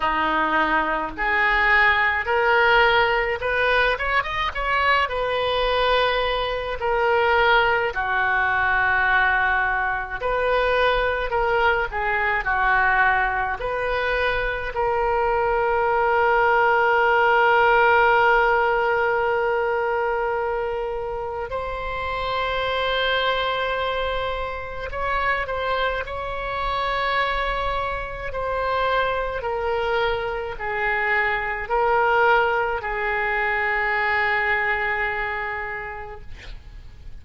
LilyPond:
\new Staff \with { instrumentName = "oboe" } { \time 4/4 \tempo 4 = 53 dis'4 gis'4 ais'4 b'8 cis''16 dis''16 | cis''8 b'4. ais'4 fis'4~ | fis'4 b'4 ais'8 gis'8 fis'4 | b'4 ais'2.~ |
ais'2. c''4~ | c''2 cis''8 c''8 cis''4~ | cis''4 c''4 ais'4 gis'4 | ais'4 gis'2. | }